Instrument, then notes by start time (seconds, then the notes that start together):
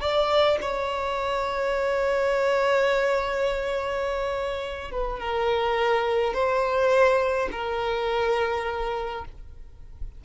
violin
0.00 D5
0.61 C#5
4.91 B4
5.19 A#4
6.33 C5
7.51 A#4